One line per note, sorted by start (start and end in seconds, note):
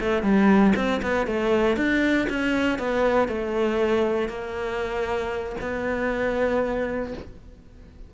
0.00 0.22 A3
0.22 0.73 G3
0.76 1.01 C4
1.02 1.26 B3
1.26 1.76 A3
1.76 2.27 D4
2.29 2.79 C#4
2.79 3.28 B3
3.28 4.28 A3
4.28 5.55 A#3
5.60 7.13 B3